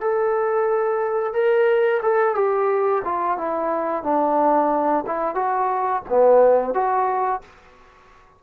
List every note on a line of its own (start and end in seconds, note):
0.00 1.33 A4
1.33 2.00 A#4
2.02 2.34 A4
2.34 3.02 G4
3.04 3.37 F4
3.37 4.03 E4
4.03 5.04 D4
5.06 5.34 E4
5.34 6.02 F#4
6.09 6.74 B3
6.74 7.41 F#4